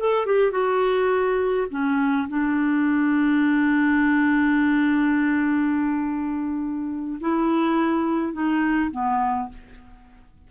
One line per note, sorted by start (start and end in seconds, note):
0.00 0.26 A4
0.26 0.52 G4
0.52 1.67 F#4
1.71 2.28 C#4
2.29 7.19 D4
7.21 8.33 E4
8.33 8.91 D#4
8.92 9.49 B3